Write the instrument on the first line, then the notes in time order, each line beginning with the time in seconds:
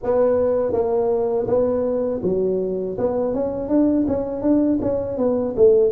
tuba
0.03 B3
0.72 A#3
1.47 B3
2.23 F#3
2.98 B3
3.34 C#4
3.68 D4
4.07 C#4
4.41 D4
4.81 C#4
5.17 B3
5.56 A3